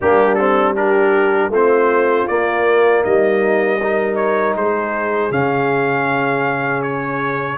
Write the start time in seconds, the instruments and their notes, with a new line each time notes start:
0.01 tuba G3, trombone A#3, horn D4, trumpet G4
0.34 trombone C4, trumpet A4
0.75 trombone D4, horn G4, trumpet A#4
1.49 tuba A3, trombone C4, horn F4, trumpet C5
2.27 trombone A#3, tuba A#3, trumpet D5
3.03 tuba G3, horn D#4, trumpet D#5
3.82 trombone D#4, horn A#4
4.15 trumpet C#5
4.55 tuba G#3, horn G#4, trumpet C5
5.30 tuba C#3, trombone C#4, trumpet F5
6.82 trumpet C#5